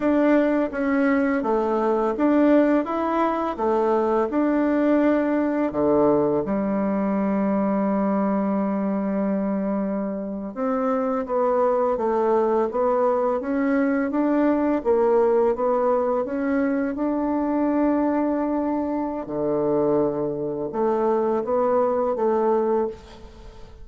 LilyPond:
\new Staff \with { instrumentName = "bassoon" } { \time 4/4 \tempo 4 = 84 d'4 cis'4 a4 d'4 | e'4 a4 d'2 | d4 g2.~ | g2~ g8. c'4 b16~ |
b8. a4 b4 cis'4 d'16~ | d'8. ais4 b4 cis'4 d'16~ | d'2. d4~ | d4 a4 b4 a4 | }